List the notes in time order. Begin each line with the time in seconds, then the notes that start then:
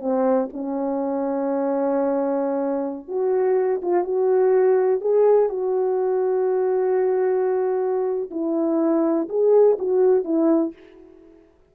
0.00 C4
0.53 C#4
3.08 F#4
3.82 F4
4.04 F#4
5.01 G#4
5.49 F#4
8.31 E4
9.29 G#4
9.79 F#4
10.24 E4